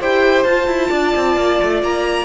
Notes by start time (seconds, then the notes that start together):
0.00 E4 G4 C5 G5
0.43 F4 A5
0.67 E4
0.89 D4 D5
1.15 C4
1.36 A#3
1.63 A3
1.82 A#3 A#5